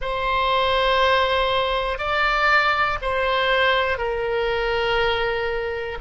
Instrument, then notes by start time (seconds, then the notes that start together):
oboe
0.00 C5
1.98 D5
3.01 C5
3.98 A#4